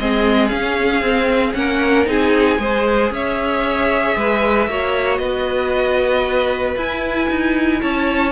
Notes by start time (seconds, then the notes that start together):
0.00 G#3 C4 G#4 D#5
0.49 C#4 F5
1.01 C4
1.54 A#3 C#4 A#4 F#5
2.06 C4 D#4 G#4 G#5
2.59 G#3 G#4 C5
3.11 C#4 C#5 E5
4.16 G#3 B4
4.68 A#3 F#4 C#5
5.18 B3 B4 D#5
6.76 E4 G#5
7.30 D#4
7.82 C#4 C#5 A5